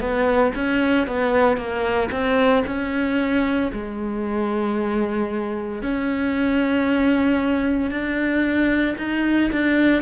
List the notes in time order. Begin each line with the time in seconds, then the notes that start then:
0.00 B3
0.56 C#4
1.07 B3
1.57 A#3
2.11 C4
2.66 C#4
3.73 G#3
5.82 C#4
7.91 D4
8.98 D#4
9.52 D4